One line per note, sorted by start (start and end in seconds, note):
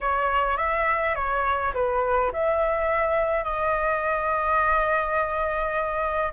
0.01 0.57 C#5
0.57 1.15 E5
1.15 1.73 C#5
1.74 2.31 B4
2.32 3.44 E5
3.44 6.32 D#5